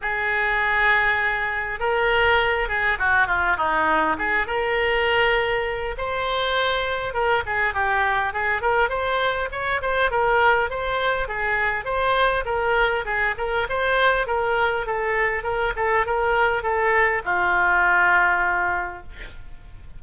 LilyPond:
\new Staff \with { instrumentName = "oboe" } { \time 4/4 \tempo 4 = 101 gis'2. ais'4~ | ais'8 gis'8 fis'8 f'8 dis'4 gis'8 ais'8~ | ais'2 c''2 | ais'8 gis'8 g'4 gis'8 ais'8 c''4 |
cis''8 c''8 ais'4 c''4 gis'4 | c''4 ais'4 gis'8 ais'8 c''4 | ais'4 a'4 ais'8 a'8 ais'4 | a'4 f'2. | }